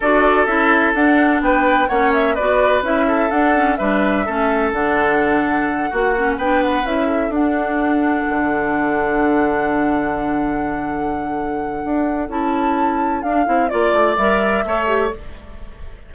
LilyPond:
<<
  \new Staff \with { instrumentName = "flute" } { \time 4/4 \tempo 4 = 127 d''4 e''4 fis''4 g''4 | fis''8 e''8 d''4 e''4 fis''4 | e''2 fis''2~ | fis''4. g''8 fis''8 e''4 fis''8~ |
fis''1~ | fis''1~ | fis''2 a''2 | f''4 d''4 e''2 | }
  \new Staff \with { instrumentName = "oboe" } { \time 4/4 a'2. b'4 | cis''4 b'4. a'4. | b'4 a'2.~ | a'8 fis'4 b'4. a'4~ |
a'1~ | a'1~ | a'1~ | a'4 d''2 cis''4 | }
  \new Staff \with { instrumentName = "clarinet" } { \time 4/4 fis'4 e'4 d'2 | cis'4 fis'4 e'4 d'8 cis'8 | d'4 cis'4 d'2~ | d'8 fis'8 cis'8 d'4 e'4 d'8~ |
d'1~ | d'1~ | d'2 e'2 | d'8 e'8 f'4 ais'4 a'8 g'8 | }
  \new Staff \with { instrumentName = "bassoon" } { \time 4/4 d'4 cis'4 d'4 b4 | ais4 b4 cis'4 d'4 | g4 a4 d2~ | d8 ais4 b4 cis'4 d'8~ |
d'4. d2~ d8~ | d1~ | d4 d'4 cis'2 | d'8 c'8 ais8 a8 g4 a4 | }
>>